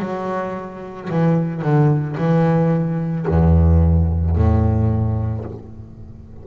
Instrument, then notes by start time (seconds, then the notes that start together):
double bass
0.00 F#3
1.10 E3
1.62 D3
2.17 E3
3.28 E2
4.36 A2